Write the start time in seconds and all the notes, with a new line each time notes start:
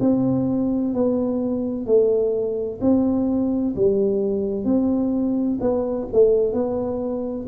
0.00 C4
0.93 B3
1.86 A3
2.81 C4
3.75 G3
4.64 C4
5.60 B3
6.12 A3
6.53 B3